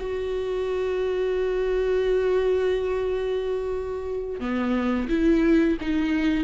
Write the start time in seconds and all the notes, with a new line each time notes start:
0.00 F#4
4.40 B3
5.09 E4
5.81 D#4